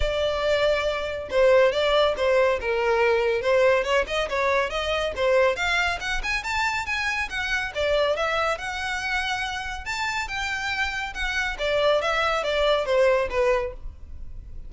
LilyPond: \new Staff \with { instrumentName = "violin" } { \time 4/4 \tempo 4 = 140 d''2. c''4 | d''4 c''4 ais'2 | c''4 cis''8 dis''8 cis''4 dis''4 | c''4 f''4 fis''8 gis''8 a''4 |
gis''4 fis''4 d''4 e''4 | fis''2. a''4 | g''2 fis''4 d''4 | e''4 d''4 c''4 b'4 | }